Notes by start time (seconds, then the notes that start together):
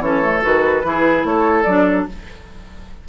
0.00 E3 C#4 A4 C#5
0.23 A3
0.43 D#3 F#4 B4
0.84 E3 E4 G#4
1.24 A3 A4 C#5
1.63 F#3 D4 D5